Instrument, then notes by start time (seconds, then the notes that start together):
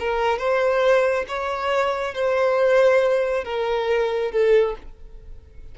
violin
0.00 A#4
0.39 C5
1.28 C#5
2.15 C5
3.45 A#4
4.32 A4